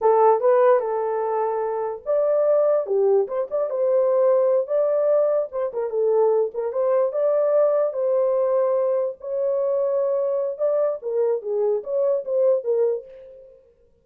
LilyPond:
\new Staff \with { instrumentName = "horn" } { \time 4/4 \tempo 4 = 147 a'4 b'4 a'2~ | a'4 d''2 g'4 | c''8 d''8 c''2~ c''8 d''8~ | d''4. c''8 ais'8 a'4. |
ais'8 c''4 d''2 c''8~ | c''2~ c''8 cis''4.~ | cis''2 d''4 ais'4 | gis'4 cis''4 c''4 ais'4 | }